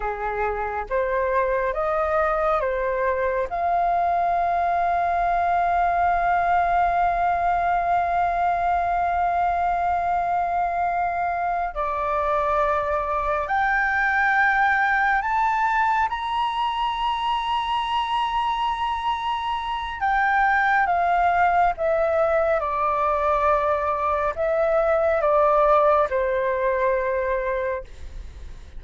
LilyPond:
\new Staff \with { instrumentName = "flute" } { \time 4/4 \tempo 4 = 69 gis'4 c''4 dis''4 c''4 | f''1~ | f''1~ | f''4. d''2 g''8~ |
g''4. a''4 ais''4.~ | ais''2. g''4 | f''4 e''4 d''2 | e''4 d''4 c''2 | }